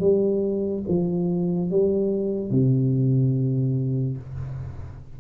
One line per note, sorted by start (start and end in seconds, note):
0.00 0.83 G3
0.89 1.71 F3
1.71 2.51 G3
2.51 4.17 C3